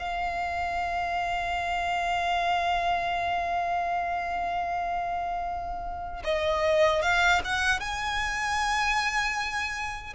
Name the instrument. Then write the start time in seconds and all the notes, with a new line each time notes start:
violin
0.00 F5
6.24 D#5
7.03 F5
7.45 F#5
7.81 G#5